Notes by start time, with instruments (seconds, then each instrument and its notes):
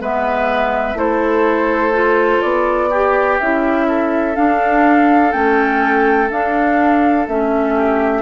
0.00 bassoon G#3, clarinet B3, oboe B4, flute E5
0.94 bassoon A3, clarinet E4, oboe A4, flute C5
1.93 clarinet F4
2.41 bassoon B3, flute D5
2.90 oboe G4, clarinet G4
3.39 bassoon C#4, clarinet E4, flute E5
3.87 oboe A4
4.34 clarinet D4, bassoon D4, flute F5
5.31 bassoon A3, clarinet C#4, flute G5
6.30 bassoon D4, clarinet D4, flute F5
7.27 bassoon A3, clarinet C#4, flute E5
7.75 oboe G4